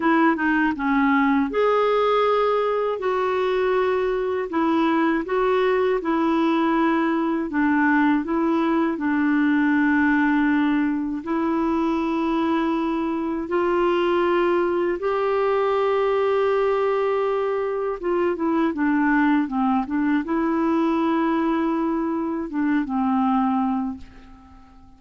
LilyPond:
\new Staff \with { instrumentName = "clarinet" } { \time 4/4 \tempo 4 = 80 e'8 dis'8 cis'4 gis'2 | fis'2 e'4 fis'4 | e'2 d'4 e'4 | d'2. e'4~ |
e'2 f'2 | g'1 | f'8 e'8 d'4 c'8 d'8 e'4~ | e'2 d'8 c'4. | }